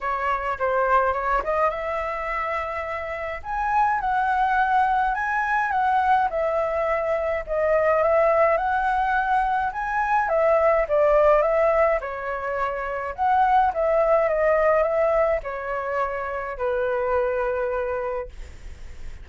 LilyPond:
\new Staff \with { instrumentName = "flute" } { \time 4/4 \tempo 4 = 105 cis''4 c''4 cis''8 dis''8 e''4~ | e''2 gis''4 fis''4~ | fis''4 gis''4 fis''4 e''4~ | e''4 dis''4 e''4 fis''4~ |
fis''4 gis''4 e''4 d''4 | e''4 cis''2 fis''4 | e''4 dis''4 e''4 cis''4~ | cis''4 b'2. | }